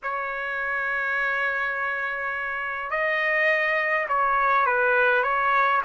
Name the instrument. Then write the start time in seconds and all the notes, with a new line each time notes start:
trumpet
0.02 C#5
2.90 D#5
4.08 C#5
4.65 B4
5.23 C#5